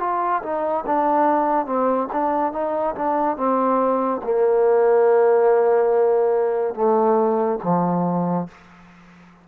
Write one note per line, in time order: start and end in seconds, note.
0.00 0.42 F4
0.43 0.85 D#4
0.87 1.66 D4
1.66 2.09 C4
2.13 2.53 D4
2.53 2.95 D#4
2.96 3.37 D4
3.37 4.22 C4
4.24 6.75 A#3
6.75 7.59 A3
7.64 8.48 F3